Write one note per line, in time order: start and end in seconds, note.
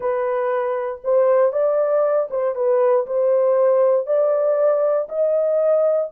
0.00 1.01 B4
1.04 1.52 C5
1.52 2.28 D5
2.30 2.55 C5
2.55 3.06 B4
3.06 4.06 C5
4.06 5.08 D5
5.08 6.10 D#5